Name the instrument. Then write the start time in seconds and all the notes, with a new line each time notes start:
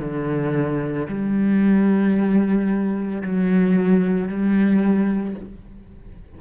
cello
0.00 D3
1.08 G3
3.22 F#3
4.28 G3